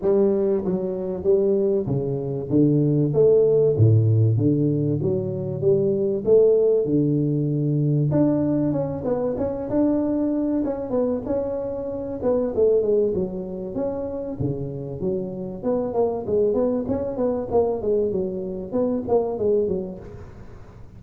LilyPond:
\new Staff \with { instrumentName = "tuba" } { \time 4/4 \tempo 4 = 96 g4 fis4 g4 cis4 | d4 a4 a,4 d4 | fis4 g4 a4 d4~ | d4 d'4 cis'8 b8 cis'8 d'8~ |
d'4 cis'8 b8 cis'4. b8 | a8 gis8 fis4 cis'4 cis4 | fis4 b8 ais8 gis8 b8 cis'8 b8 | ais8 gis8 fis4 b8 ais8 gis8 fis8 | }